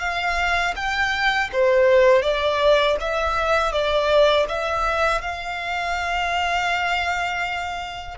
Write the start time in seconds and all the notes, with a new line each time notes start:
0.00 F5
0.76 G5
1.53 C5
2.22 D5
3.00 E5
3.72 D5
4.48 E5
5.22 F5